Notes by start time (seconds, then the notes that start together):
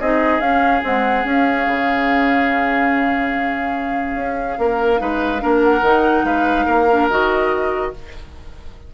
0.00 C4 D#4 G#4 D#5
0.39 C#4 F5
0.82 G#3 C4 F#5
1.23 C#4 F5
1.67 C#3
4.15 C#4
4.58 A#3 A#4
4.98 G#3 D#4 B4
5.39 A#3 D4 A#4
5.63 F#5
5.82 D#3 D#4
6.24 G#3 B4 F5
6.66 A#3 A#4
6.90 D4
7.10 D#3 F#4 D#5